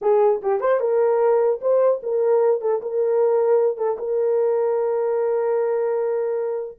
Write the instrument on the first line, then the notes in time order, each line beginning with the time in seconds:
horn
0.01 G#4
0.41 G4
0.60 C5
0.80 A#4
1.61 C5
2.02 A#4
2.61 A4
2.82 A#4
3.77 A4
3.98 A#4